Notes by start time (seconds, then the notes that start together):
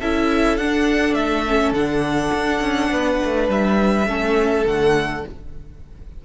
0.00 C#4 E4 A4 E5
0.57 D4 F#5
1.13 A3 E5
1.47 C#4
1.72 D3 D4 F#5
2.34 D4
2.61 C#4
2.90 B3 B4
3.25 A3
3.48 G3 E5
4.06 A3 C#4 A4
4.66 D3 A3 F#5